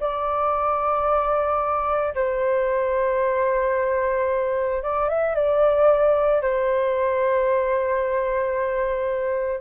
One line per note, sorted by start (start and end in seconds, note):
0.00 2.14 D5
2.15 4.83 C5
4.83 5.09 D5
5.09 5.35 E5
5.35 6.42 D5
6.42 9.61 C5